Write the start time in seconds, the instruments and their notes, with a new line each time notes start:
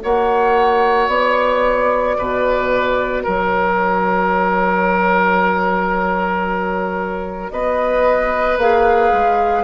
0.00 bassoon A#3, clarinet F#4, oboe C#5, flute F#5
1.08 bassoon B3, flute D5
2.18 bassoon B2, oboe B4
3.24 bassoon F#3, oboe A#4, flute C#5
7.51 bassoon B3, oboe B4, flute D#5
8.58 bassoon A#3, clarinet G#4, flute F5
9.13 bassoon G#3